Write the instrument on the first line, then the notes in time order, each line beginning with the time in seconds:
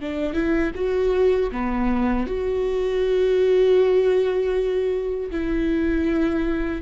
viola
0.00 D4
0.33 E4
0.75 F#4
1.51 B3
2.26 F#4
5.31 E4